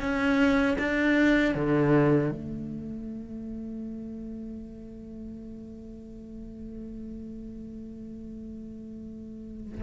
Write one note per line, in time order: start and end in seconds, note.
0.00 0.77 C#4
0.78 1.54 D4
1.54 2.31 D3
2.31 9.81 A3